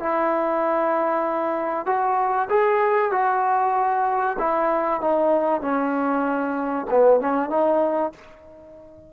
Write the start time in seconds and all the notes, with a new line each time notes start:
0.00 E4
1.86 F#4
2.50 G#4
3.12 F#4
4.39 E4
5.01 D#4
5.61 C#4
6.91 B3
7.21 C#4
7.50 D#4